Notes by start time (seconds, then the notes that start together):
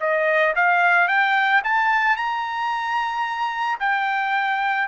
0.00 D#5
0.56 F5
1.08 G5
1.64 A5
2.17 A#5
3.80 G5